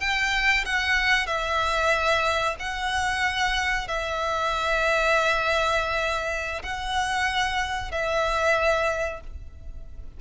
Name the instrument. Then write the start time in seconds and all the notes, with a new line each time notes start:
violin
0.00 G5
0.65 F#5
1.27 E5
2.59 F#5
3.88 E5
6.63 F#5
7.91 E5